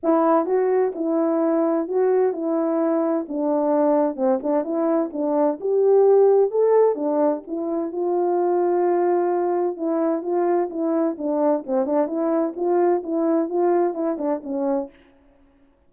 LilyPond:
\new Staff \with { instrumentName = "horn" } { \time 4/4 \tempo 4 = 129 e'4 fis'4 e'2 | fis'4 e'2 d'4~ | d'4 c'8 d'8 e'4 d'4 | g'2 a'4 d'4 |
e'4 f'2.~ | f'4 e'4 f'4 e'4 | d'4 c'8 d'8 e'4 f'4 | e'4 f'4 e'8 d'8 cis'4 | }